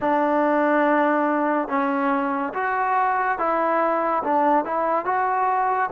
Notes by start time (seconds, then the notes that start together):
0.00 D4
1.68 C#4
2.54 F#4
3.38 E4
4.23 D4
4.64 E4
5.05 F#4